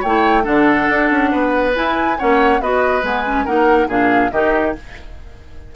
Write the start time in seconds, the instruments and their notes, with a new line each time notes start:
0.00 bassoon A3, clarinet E4, oboe C#5, flute G5
0.43 bassoon D3, clarinet D4, oboe A4, flute F#5
0.89 bassoon D4
1.11 bassoon C#4
1.31 bassoon B3, oboe B4
1.75 clarinet E4, bassoon E4, flute G#5
2.18 bassoon A#3, clarinet C#4, oboe C#5, flute F#5
2.60 bassoon B3, clarinet F#4, oboe B4, flute D#5
3.02 bassoon G#3, clarinet B3, flute G#5
3.25 clarinet C#4
3.45 bassoon A#3, clarinet D#4, oboe A#4, flute F#5
3.87 bassoon A#2, clarinet D4, oboe G#4, flute F5
4.32 bassoon D#3, clarinet D#4, oboe G4, flute D#5